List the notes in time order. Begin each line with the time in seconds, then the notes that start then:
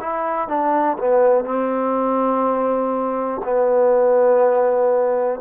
0.00 E4
0.48 D4
0.98 B3
1.44 C4
3.44 B3